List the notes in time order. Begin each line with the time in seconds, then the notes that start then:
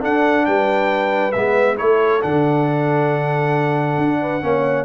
0.00 D4 A4 F#5
0.46 G3 B4 G5
1.32 G#3 B3 E5
1.77 A3 E4 A4 C#5
2.22 D3 D4 F#5
3.98 D4
4.22 B4
4.41 A#3 C#4 C#5